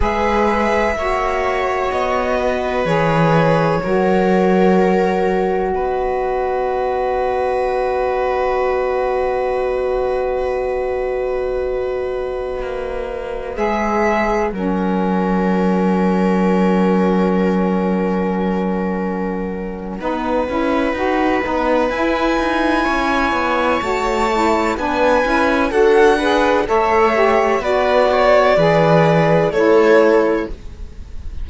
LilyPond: <<
  \new Staff \with { instrumentName = "violin" } { \time 4/4 \tempo 4 = 63 e''2 dis''4 cis''4~ | cis''2 dis''2~ | dis''1~ | dis''2~ dis''16 e''4 fis''8.~ |
fis''1~ | fis''2. gis''4~ | gis''4 a''4 gis''4 fis''4 | e''4 d''2 cis''4 | }
  \new Staff \with { instrumentName = "viola" } { \time 4/4 b'4 cis''4. b'4. | ais'2 b'2~ | b'1~ | b'2.~ b'16 ais'8.~ |
ais'1~ | ais'4 b'2. | cis''2 b'4 a'8 b'8 | cis''4 b'8 cis''8 b'4 a'4 | }
  \new Staff \with { instrumentName = "saxophone" } { \time 4/4 gis'4 fis'2 gis'4 | fis'1~ | fis'1~ | fis'2~ fis'16 gis'4 cis'8.~ |
cis'1~ | cis'4 dis'8 e'8 fis'8 dis'8 e'4~ | e'4 fis'8 e'8 d'8 e'8 fis'8 gis'8 | a'8 g'8 fis'4 gis'4 e'4 | }
  \new Staff \with { instrumentName = "cello" } { \time 4/4 gis4 ais4 b4 e4 | fis2 b2~ | b1~ | b4~ b16 ais4 gis4 fis8.~ |
fis1~ | fis4 b8 cis'8 dis'8 b8 e'8 dis'8 | cis'8 b8 a4 b8 cis'8 d'4 | a4 b4 e4 a4 | }
>>